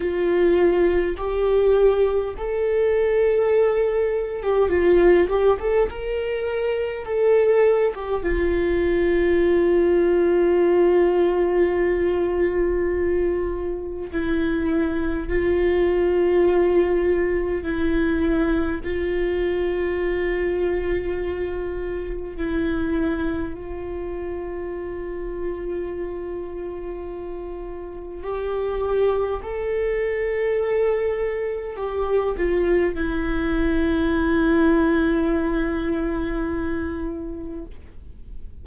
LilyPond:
\new Staff \with { instrumentName = "viola" } { \time 4/4 \tempo 4 = 51 f'4 g'4 a'4.~ a'16 g'16 | f'8 g'16 a'16 ais'4 a'8. g'16 f'4~ | f'1 | e'4 f'2 e'4 |
f'2. e'4 | f'1 | g'4 a'2 g'8 f'8 | e'1 | }